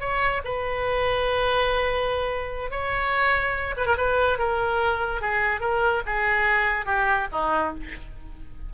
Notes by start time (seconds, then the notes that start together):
0.00 C#5
0.45 B4
2.71 C#5
3.77 B4
3.86 A#4
3.97 B4
4.38 A#4
5.21 G#4
5.60 A#4
6.06 G#4
6.86 G4
7.32 D#4